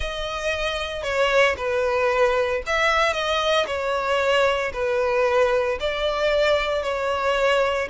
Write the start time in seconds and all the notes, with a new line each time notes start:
0.00 D#5
1.03 C#5
1.57 B4
2.66 E5
3.13 D#5
3.67 C#5
4.73 B4
5.80 D5
6.83 C#5